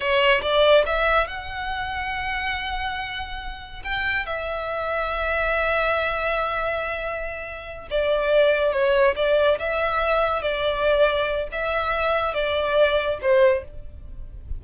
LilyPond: \new Staff \with { instrumentName = "violin" } { \time 4/4 \tempo 4 = 141 cis''4 d''4 e''4 fis''4~ | fis''1~ | fis''4 g''4 e''2~ | e''1~ |
e''2~ e''8 d''4.~ | d''8 cis''4 d''4 e''4.~ | e''8 d''2~ d''8 e''4~ | e''4 d''2 c''4 | }